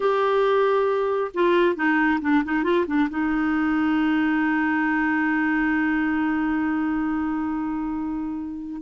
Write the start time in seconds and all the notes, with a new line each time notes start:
0.00 G4
1.34 F4
1.75 D#4
2.21 D4
2.44 D#4
2.63 F4
2.86 D4
3.09 D#4